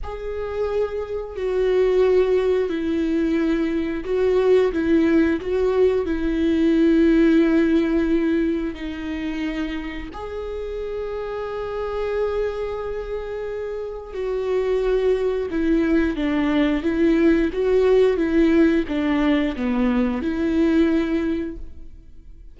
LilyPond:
\new Staff \with { instrumentName = "viola" } { \time 4/4 \tempo 4 = 89 gis'2 fis'2 | e'2 fis'4 e'4 | fis'4 e'2.~ | e'4 dis'2 gis'4~ |
gis'1~ | gis'4 fis'2 e'4 | d'4 e'4 fis'4 e'4 | d'4 b4 e'2 | }